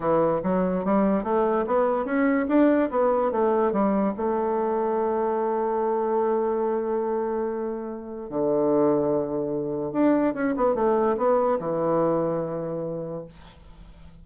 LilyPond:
\new Staff \with { instrumentName = "bassoon" } { \time 4/4 \tempo 4 = 145 e4 fis4 g4 a4 | b4 cis'4 d'4 b4 | a4 g4 a2~ | a1~ |
a1 | d1 | d'4 cis'8 b8 a4 b4 | e1 | }